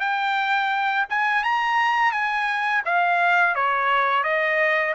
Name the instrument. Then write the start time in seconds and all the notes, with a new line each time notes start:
trumpet
0.00 G5
1.09 G#5
1.43 A#5
2.12 G#5
2.85 F5
3.55 C#5
4.23 D#5